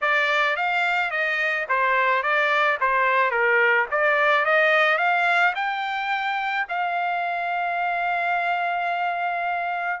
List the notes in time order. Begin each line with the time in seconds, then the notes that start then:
0.01 D5
0.56 F5
1.10 D#5
1.68 C5
2.22 D5
2.80 C5
3.31 A#4
3.91 D5
4.45 D#5
4.97 F5
5.55 G5
6.68 F5